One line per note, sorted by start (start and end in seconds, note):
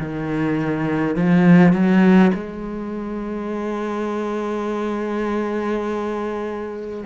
0.00 1.16 D#3
1.16 1.73 F3
1.73 2.32 F#3
2.34 7.05 G#3